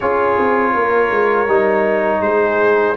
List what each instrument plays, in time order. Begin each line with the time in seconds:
0.00 tuba C#4, trombone F4, horn G#4, trumpet C#5
0.38 tuba C4
0.73 tuba A#3, horn A#4
1.10 tuba G#3
1.47 tuba G3, trombone D#4
2.21 tuba G#3, horn G#4, trumpet C5